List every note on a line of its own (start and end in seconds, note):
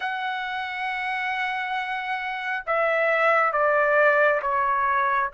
0.00 2.64 F#5
2.66 3.52 E5
3.52 4.40 D5
4.42 5.30 C#5